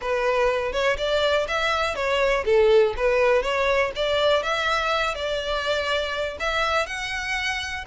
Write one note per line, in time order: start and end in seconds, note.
0.01 0.72 B4
0.72 0.96 C#5
0.97 1.46 D5
1.47 1.95 E5
1.95 2.44 C#5
2.45 2.94 A4
2.96 3.42 B4
3.42 3.91 C#5
3.95 4.42 D5
4.42 5.14 E5
5.14 6.37 D5
6.39 6.86 E5
6.86 7.84 F#5